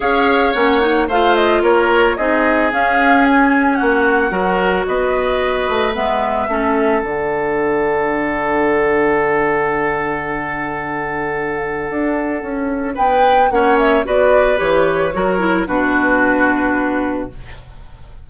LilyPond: <<
  \new Staff \with { instrumentName = "flute" } { \time 4/4 \tempo 4 = 111 f''4 fis''4 f''8 dis''8 cis''4 | dis''4 f''4 gis''4 fis''4~ | fis''4 dis''2 e''4~ | e''4 fis''2.~ |
fis''1~ | fis''1 | g''4 fis''8 e''8 d''4 cis''4~ | cis''4 b'2. | }
  \new Staff \with { instrumentName = "oboe" } { \time 4/4 cis''2 c''4 ais'4 | gis'2. fis'4 | ais'4 b'2. | a'1~ |
a'1~ | a'1 | b'4 cis''4 b'2 | ais'4 fis'2. | }
  \new Staff \with { instrumentName = "clarinet" } { \time 4/4 gis'4 cis'8 dis'8 f'2 | dis'4 cis'2. | fis'2. b4 | cis'4 d'2.~ |
d'1~ | d'1~ | d'4 cis'4 fis'4 g'4 | fis'8 e'8 d'2. | }
  \new Staff \with { instrumentName = "bassoon" } { \time 4/4 cis'4 ais4 a4 ais4 | c'4 cis'2 ais4 | fis4 b4. a8 gis4 | a4 d2.~ |
d1~ | d2 d'4 cis'4 | b4 ais4 b4 e4 | fis4 b,2. | }
>>